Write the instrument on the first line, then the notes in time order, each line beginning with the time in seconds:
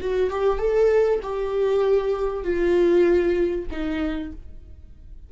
viola
0.00 F#4
0.30 G4
0.59 A4
1.22 G4
2.43 F4
3.71 D#4